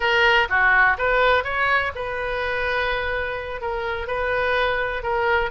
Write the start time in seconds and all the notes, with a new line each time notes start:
0.00 A#4
0.49 F#4
0.98 B4
1.44 C#5
1.95 B4
3.61 A#4
4.07 B4
5.03 A#4